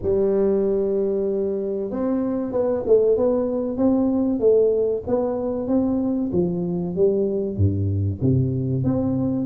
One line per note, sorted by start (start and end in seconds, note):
0.02 1.90 G3
1.90 2.51 C4
2.51 2.83 B3
2.86 3.16 A3
3.16 3.77 B3
3.77 4.39 C4
4.39 5.02 A3
5.07 5.67 B3
5.67 6.30 C4
6.32 6.95 F3
6.95 7.56 G3
7.56 8.20 G2
8.21 8.84 C3
8.84 9.45 C4